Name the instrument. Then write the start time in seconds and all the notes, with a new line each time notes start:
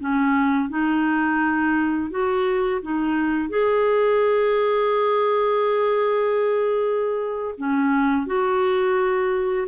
clarinet
0.00 C#4
0.69 D#4
2.10 F#4
2.82 D#4
3.49 G#4
7.58 C#4
8.26 F#4